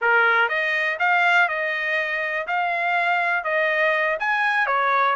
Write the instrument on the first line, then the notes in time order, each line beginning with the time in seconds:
trumpet
0.01 A#4
0.49 D#5
0.99 F5
1.48 D#5
2.47 F5
3.44 D#5
4.19 G#5
4.66 C#5